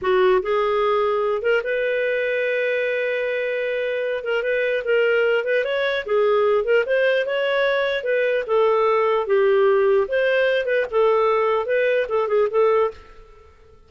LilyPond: \new Staff \with { instrumentName = "clarinet" } { \time 4/4 \tempo 4 = 149 fis'4 gis'2~ gis'8 ais'8 | b'1~ | b'2~ b'8 ais'8 b'4 | ais'4. b'8 cis''4 gis'4~ |
gis'8 ais'8 c''4 cis''2 | b'4 a'2 g'4~ | g'4 c''4. b'8 a'4~ | a'4 b'4 a'8 gis'8 a'4 | }